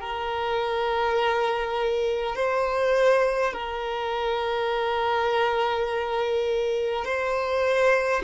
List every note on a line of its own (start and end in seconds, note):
0.00 2.35 A#4
2.35 3.53 C5
3.53 7.05 A#4
7.05 8.22 C5